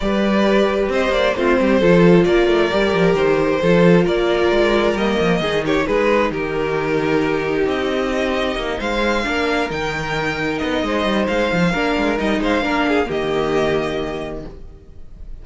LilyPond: <<
  \new Staff \with { instrumentName = "violin" } { \time 4/4 \tempo 4 = 133 d''2 dis''8 d''8 c''4~ | c''4 d''2 c''4~ | c''4 d''2 dis''4~ | dis''8 cis''8 b'4 ais'2~ |
ais'4 dis''2~ dis''8 f''8~ | f''4. g''2 dis''8~ | dis''4 f''2 dis''8 f''8~ | f''4 dis''2. | }
  \new Staff \with { instrumentName = "violin" } { \time 4/4 b'2 c''4 f'8 g'8 | a'4 ais'2. | a'4 ais'2. | gis'8 g'8 gis'4 g'2~ |
g'2.~ g'8 c''8~ | c''8 ais'2.~ ais'8 | c''2 ais'4. c''8 | ais'8 gis'8 g'2. | }
  \new Staff \with { instrumentName = "viola" } { \time 4/4 g'2. c'4 | f'2 g'2 | f'2. ais4 | dis'1~ |
dis'1~ | dis'8 d'4 dis'2~ dis'8~ | dis'2 d'4 dis'4 | d'4 ais2. | }
  \new Staff \with { instrumentName = "cello" } { \time 4/4 g2 c'8 ais8 a8 g8 | f4 ais8 a8 g8 f8 dis4 | f4 ais4 gis4 g8 f8 | dis4 gis4 dis2~ |
dis4 c'2 ais8 gis8~ | gis8 ais4 dis2 b8 | gis8 g8 gis8 f8 ais8 gis8 g8 gis8 | ais4 dis2. | }
>>